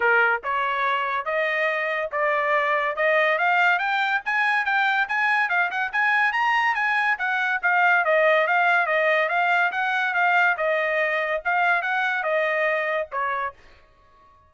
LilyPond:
\new Staff \with { instrumentName = "trumpet" } { \time 4/4 \tempo 4 = 142 ais'4 cis''2 dis''4~ | dis''4 d''2 dis''4 | f''4 g''4 gis''4 g''4 | gis''4 f''8 fis''8 gis''4 ais''4 |
gis''4 fis''4 f''4 dis''4 | f''4 dis''4 f''4 fis''4 | f''4 dis''2 f''4 | fis''4 dis''2 cis''4 | }